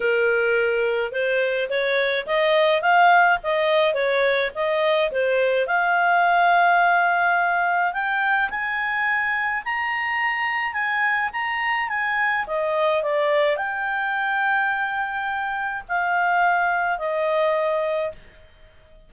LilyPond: \new Staff \with { instrumentName = "clarinet" } { \time 4/4 \tempo 4 = 106 ais'2 c''4 cis''4 | dis''4 f''4 dis''4 cis''4 | dis''4 c''4 f''2~ | f''2 g''4 gis''4~ |
gis''4 ais''2 gis''4 | ais''4 gis''4 dis''4 d''4 | g''1 | f''2 dis''2 | }